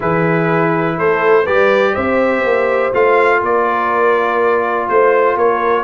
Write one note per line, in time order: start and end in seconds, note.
0.00 0.99 E3
0.00 1.45 E4
0.00 0.97 G#4
0.00 0.98 B4
0.97 1.47 A3
0.97 1.43 A4
0.97 1.46 C5
1.43 1.96 G3
1.43 2.93 G4
1.43 1.92 B4
1.43 1.95 D5
1.93 2.43 C4
1.93 3.39 C5
1.93 2.92 E5
2.43 2.92 A#3
2.93 3.41 A3
2.93 5.84 F4
2.93 3.42 F5
3.40 4.88 A#3
3.40 4.86 A#4
3.40 4.88 D5
4.87 5.36 A3
4.87 5.36 C5
4.87 5.37 C5
5.36 5.84 A#3
5.36 5.84 A#4
5.36 5.84 C#5